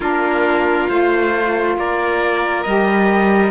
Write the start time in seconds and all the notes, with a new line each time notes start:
0.00 A#3 D4 F4 A#4
0.88 A3 F4 C5
1.76 A#3 A#4 D5
2.63 G3 G4 D#5